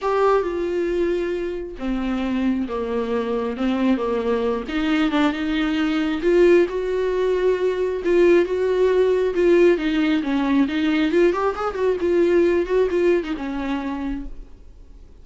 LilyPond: \new Staff \with { instrumentName = "viola" } { \time 4/4 \tempo 4 = 135 g'4 f'2. | c'2 ais2 | c'4 ais4. dis'4 d'8 | dis'2 f'4 fis'4~ |
fis'2 f'4 fis'4~ | fis'4 f'4 dis'4 cis'4 | dis'4 f'8 g'8 gis'8 fis'8 f'4~ | f'8 fis'8 f'8. dis'16 cis'2 | }